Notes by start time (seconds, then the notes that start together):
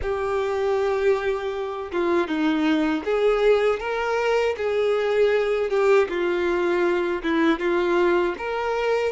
0.01 G4
1.92 F4
2.27 D#4
3.04 G#4
3.79 A#4
4.57 G#4
5.70 G4
6.08 F4
7.23 E4
7.59 F4
8.38 A#4